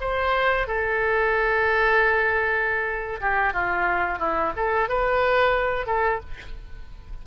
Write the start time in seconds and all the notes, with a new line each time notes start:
0.00 C5
0.67 A4
3.20 G4
3.53 F4
4.18 E4
4.56 A4
4.88 B4
5.86 A4